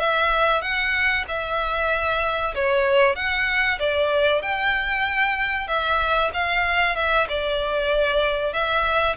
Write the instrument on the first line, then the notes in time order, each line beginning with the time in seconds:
violin
0.00 E5
0.62 F#5
1.28 E5
2.55 C#5
3.16 F#5
3.79 D5
4.42 G5
5.68 E5
6.34 F5
6.96 E5
7.29 D5
8.53 E5